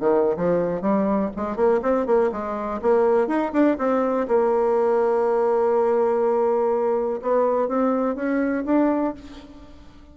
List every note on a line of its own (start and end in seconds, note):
0.00 0.37 D#3
0.37 0.82 F3
0.82 1.31 G3
1.36 1.57 G#3
1.57 1.81 A#3
1.82 2.06 C4
2.06 2.31 A#3
2.32 2.81 G#3
2.82 3.28 A#3
3.28 3.52 D#4
3.53 3.77 D4
3.78 4.27 C4
4.28 7.21 A#3
7.22 7.69 B3
7.69 8.16 C4
8.16 8.65 C#4
8.66 9.14 D4